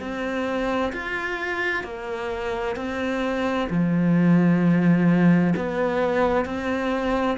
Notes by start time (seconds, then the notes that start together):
0.00 C4
0.93 F4
1.84 A#3
2.76 C4
3.70 F3
5.56 B3
6.45 C4